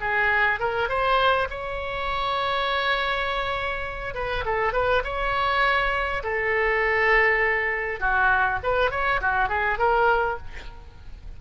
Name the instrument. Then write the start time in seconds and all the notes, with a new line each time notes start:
oboe
0.00 G#4
0.59 A#4
0.88 C5
1.50 C#5
4.14 B4
4.45 A4
4.73 B4
5.04 C#5
6.23 A4
8.00 F#4
8.63 B4
8.91 C#5
9.21 F#4
9.49 G#4
9.78 A#4